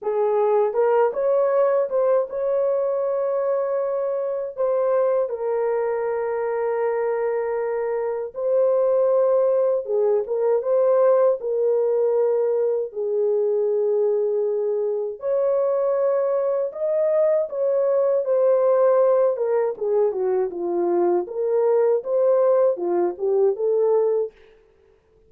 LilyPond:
\new Staff \with { instrumentName = "horn" } { \time 4/4 \tempo 4 = 79 gis'4 ais'8 cis''4 c''8 cis''4~ | cis''2 c''4 ais'4~ | ais'2. c''4~ | c''4 gis'8 ais'8 c''4 ais'4~ |
ais'4 gis'2. | cis''2 dis''4 cis''4 | c''4. ais'8 gis'8 fis'8 f'4 | ais'4 c''4 f'8 g'8 a'4 | }